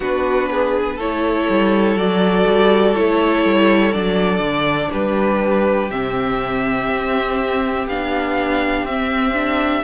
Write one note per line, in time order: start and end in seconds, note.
0.00 0.98 B3
0.00 0.99 D4
0.00 0.49 F#4
0.00 0.99 B4
0.50 0.96 G#4
0.96 1.47 A3
0.96 1.98 E4
0.96 4.89 A4
0.96 1.97 C#5
1.49 1.95 G3
1.95 2.45 F#3
1.95 2.95 F#4
1.95 2.95 D5
2.46 2.95 G3
2.95 3.44 A3
2.95 3.92 E4
2.95 3.92 C#5
3.44 3.94 G3
3.92 4.39 F#3
3.92 5.89 D4
3.92 4.90 D5
4.39 4.88 D3
4.92 5.90 G3
4.92 9.83 G4
4.92 5.90 B4
5.90 6.88 C3
5.90 7.87 C4
5.90 7.87 E5
6.88 7.86 C4
7.86 8.83 B3
7.86 8.87 D4
7.86 8.86 F5
8.83 9.81 C4
8.83 9.33 C4
8.83 9.83 E5
9.33 9.82 D4